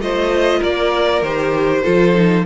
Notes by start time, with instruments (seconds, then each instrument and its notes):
0.00 cello A3, viola F4, violin C5 D#5
0.59 cello A#3, violin A#4 D5
1.22 cello D#3, viola G4, violin C5
1.83 cello F3, viola F4, violin A4
2.14 viola D#4